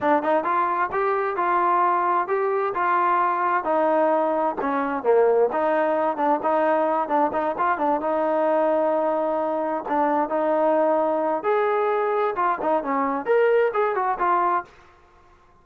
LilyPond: \new Staff \with { instrumentName = "trombone" } { \time 4/4 \tempo 4 = 131 d'8 dis'8 f'4 g'4 f'4~ | f'4 g'4 f'2 | dis'2 cis'4 ais4 | dis'4. d'8 dis'4. d'8 |
dis'8 f'8 d'8 dis'2~ dis'8~ | dis'4. d'4 dis'4.~ | dis'4 gis'2 f'8 dis'8 | cis'4 ais'4 gis'8 fis'8 f'4 | }